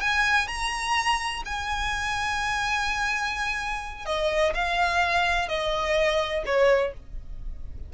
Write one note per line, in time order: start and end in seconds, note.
0.00 0.47 G#5
0.47 1.42 A#5
1.45 4.05 G#5
4.05 4.53 D#5
4.54 5.48 F5
5.48 6.43 D#5
6.45 6.93 C#5